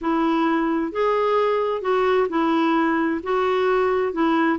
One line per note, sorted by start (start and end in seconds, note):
0.01 0.92 E4
0.92 1.81 G#4
1.81 2.27 F#4
2.29 3.20 E4
3.23 4.12 F#4
4.12 4.58 E4